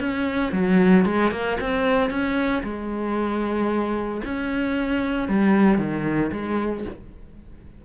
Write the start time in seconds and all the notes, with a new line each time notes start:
0.00 C#4
0.52 F#3
1.05 G#3
1.31 A#3
1.61 C4
2.10 C#4
2.63 G#3
4.25 C#4
5.28 G3
5.78 D#3
6.32 G#3